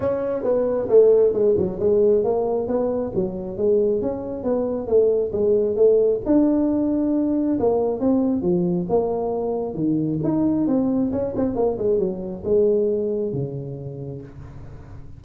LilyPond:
\new Staff \with { instrumentName = "tuba" } { \time 4/4 \tempo 4 = 135 cis'4 b4 a4 gis8 fis8 | gis4 ais4 b4 fis4 | gis4 cis'4 b4 a4 | gis4 a4 d'2~ |
d'4 ais4 c'4 f4 | ais2 dis4 dis'4 | c'4 cis'8 c'8 ais8 gis8 fis4 | gis2 cis2 | }